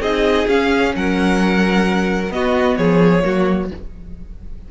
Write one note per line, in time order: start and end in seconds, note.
0.00 0.46 C4
0.00 0.48 D#4
0.00 0.93 G#4
0.00 0.48 D#5
0.48 0.93 C#4
0.48 2.31 C#4
0.48 0.95 F5
0.95 2.30 F#3
0.95 2.34 A#4
0.95 2.32 F#5
2.30 2.75 B3
2.30 3.22 B3
2.30 2.78 F#4
2.30 2.76 D#5
2.76 3.24 F3
2.76 3.24 G#4
2.76 3.68 C#5
3.22 3.71 F#3
3.22 3.68 A#3
3.22 3.71 F#4